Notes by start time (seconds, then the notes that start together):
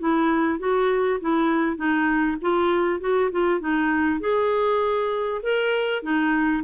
0.00 E4
0.60 F#4
1.21 E4
1.77 D#4
2.42 F4
3.01 F#4
3.32 F4
3.61 D#4
4.21 G#4
5.43 A#4
6.03 D#4